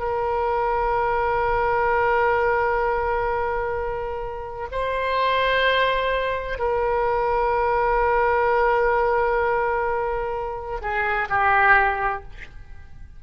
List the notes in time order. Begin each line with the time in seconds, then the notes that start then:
0.00 A#4
4.72 C5
6.59 A#4
10.82 G#4
11.30 G4